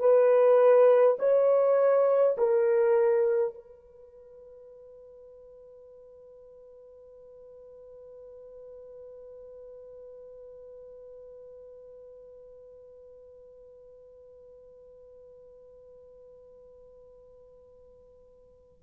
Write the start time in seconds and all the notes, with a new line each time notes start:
0.00 B4
1.19 C#5
2.38 A#4
3.55 B4